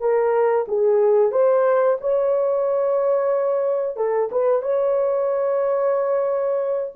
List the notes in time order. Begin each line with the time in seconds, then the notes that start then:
0.00 A#4
0.68 G#4
1.32 C5
2.01 C#5
3.97 A4
4.32 B4
4.62 C#5